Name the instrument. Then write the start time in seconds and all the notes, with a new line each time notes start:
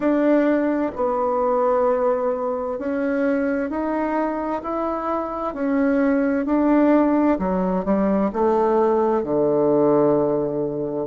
bassoon
0.00 D4
0.95 B3
2.78 C#4
3.69 D#4
4.62 E4
5.54 C#4
6.45 D4
7.38 F#3
7.84 G3
8.32 A3
9.23 D3